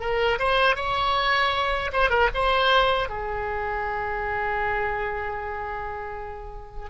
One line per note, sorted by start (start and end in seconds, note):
0.00 0.38 A#4
0.39 0.76 C5
0.76 1.91 C#5
1.93 2.10 C5
2.10 2.29 A#4
2.34 3.09 C5
3.09 6.90 G#4